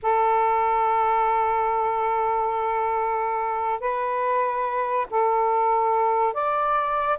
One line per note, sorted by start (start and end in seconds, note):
0.02 3.80 A4
3.80 5.06 B4
5.10 6.33 A4
6.33 7.18 D5